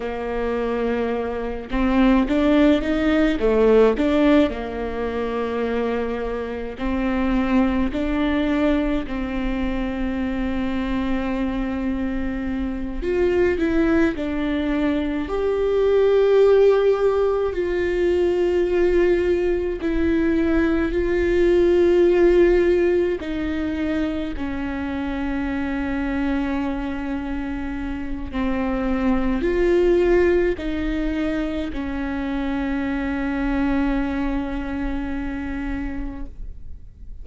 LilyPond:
\new Staff \with { instrumentName = "viola" } { \time 4/4 \tempo 4 = 53 ais4. c'8 d'8 dis'8 a8 d'8 | ais2 c'4 d'4 | c'2.~ c'8 f'8 | e'8 d'4 g'2 f'8~ |
f'4. e'4 f'4.~ | f'8 dis'4 cis'2~ cis'8~ | cis'4 c'4 f'4 dis'4 | cis'1 | }